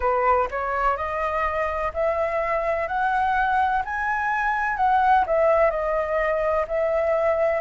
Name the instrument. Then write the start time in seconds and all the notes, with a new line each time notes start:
flute
0.00 B4
0.50 C#5
0.97 D#5
1.93 E5
2.87 F#5
3.84 G#5
4.77 F#5
5.26 E5
5.70 D#5
6.67 E5